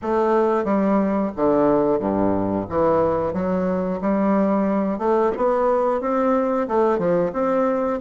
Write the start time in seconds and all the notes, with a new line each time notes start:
0.02 A3
0.64 G3
1.36 D3
1.98 G2
2.68 E3
3.33 F#3
4.01 G3
4.98 A3
5.37 B3
6.01 C4
6.68 A3
6.98 F3
7.32 C4